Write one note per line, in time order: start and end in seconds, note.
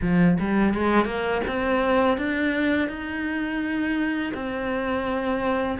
0.01 0.37 F3
0.39 0.74 G3
0.74 1.05 G#3
1.05 1.41 A#3
1.47 2.17 C4
2.17 2.88 D4
2.88 4.32 D#4
4.33 5.78 C4